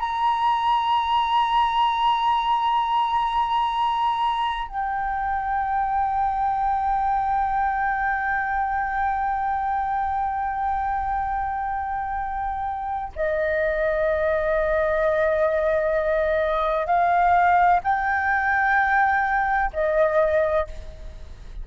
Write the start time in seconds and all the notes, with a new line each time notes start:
0.00 A#5
4.69 G5
13.15 D#5
16.86 F5
17.84 G5
19.73 D#5